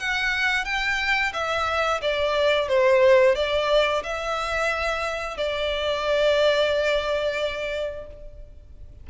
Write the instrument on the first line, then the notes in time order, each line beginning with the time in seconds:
violin
0.00 F#5
0.65 G5
1.34 E5
2.02 D5
2.69 C5
3.36 D5
4.04 E5
5.37 D5